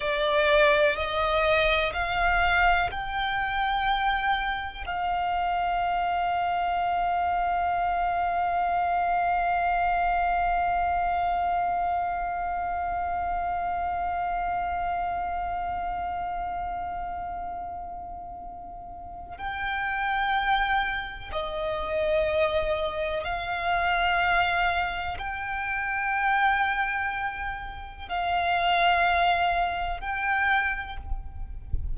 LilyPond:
\new Staff \with { instrumentName = "violin" } { \time 4/4 \tempo 4 = 62 d''4 dis''4 f''4 g''4~ | g''4 f''2.~ | f''1~ | f''1~ |
f''1 | g''2 dis''2 | f''2 g''2~ | g''4 f''2 g''4 | }